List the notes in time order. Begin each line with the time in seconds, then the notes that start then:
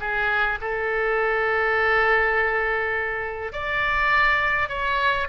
0.00 G#4
0.61 A4
3.52 D5
4.69 C#5